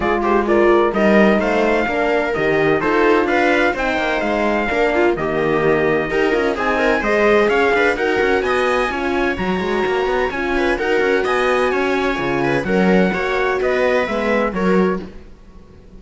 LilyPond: <<
  \new Staff \with { instrumentName = "trumpet" } { \time 4/4 \tempo 4 = 128 d''8 c''8 d''4 dis''4 f''4~ | f''4 dis''4 c''4 f''4 | g''4 f''2 dis''4~ | dis''2 gis''4 dis''4 |
f''4 fis''4 gis''2 | ais''2 gis''4 fis''4 | gis''2. fis''4~ | fis''4 dis''4 e''4 cis''4 | }
  \new Staff \with { instrumentName = "viola" } { \time 4/4 gis'8 g'8 f'4 ais'4 c''4 | ais'2 a'4 b'4 | c''2 ais'8 f'8 g'4~ | g'4 ais'4 gis'8 ais'8 c''4 |
cis''8 b'8 ais'4 dis''4 cis''4~ | cis''2~ cis''8 b'8 ais'4 | dis''4 cis''4. b'8 ais'4 | cis''4 b'2 ais'4 | }
  \new Staff \with { instrumentName = "horn" } { \time 4/4 f'4 ais'4 dis'2 | d'4 g'4 f'2 | dis'2 d'4 ais4~ | ais4 g'8 f'8 dis'4 gis'4~ |
gis'4 fis'2 f'4 | fis'2 f'4 fis'4~ | fis'2 f'4 cis'4 | fis'2 b4 fis'4 | }
  \new Staff \with { instrumentName = "cello" } { \time 4/4 gis2 g4 a4 | ais4 dis4 dis'4 d'4 | c'8 ais8 gis4 ais4 dis4~ | dis4 dis'8 cis'8 c'4 gis4 |
cis'8 d'8 dis'8 cis'8 b4 cis'4 | fis8 gis8 ais8 b8 cis'4 dis'8 cis'8 | b4 cis'4 cis4 fis4 | ais4 b4 gis4 fis4 | }
>>